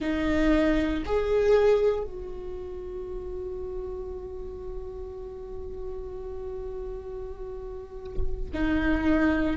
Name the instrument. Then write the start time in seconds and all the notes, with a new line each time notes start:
viola
0.00 D#4
1.05 G#4
2.04 F#4
8.53 D#4